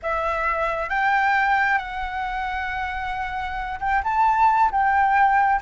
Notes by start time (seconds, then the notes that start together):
0.02 E5
0.89 G5
1.78 F#5
3.80 G5
4.03 A5
4.71 G5